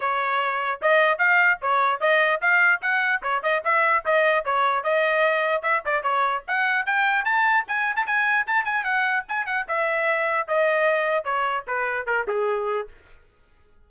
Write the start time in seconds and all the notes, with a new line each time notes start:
0.00 C#5
0.81 D#5
1.18 F5
1.61 C#5
2.00 D#5
2.41 F5
2.81 F#5
3.22 C#5
3.42 D#5
3.64 E5
4.05 D#5
4.44 C#5
4.83 D#5
5.62 E5
5.85 D5
6.03 C#5
6.47 F#5
6.86 G5
7.24 A5
7.67 G#5
7.95 A5
8.06 G#5
8.46 A5
8.64 G#5
8.84 F#5
9.28 G#5
9.46 F#5
9.68 E5
10.47 D#5
11.24 C#5
11.67 B4
12.06 A#4
12.27 G#4